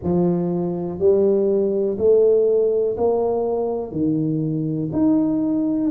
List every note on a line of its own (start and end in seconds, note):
0.03 0.99 F3
0.99 1.97 G3
1.98 2.96 A3
2.97 3.91 A#3
3.91 4.90 D#3
4.92 5.90 D#4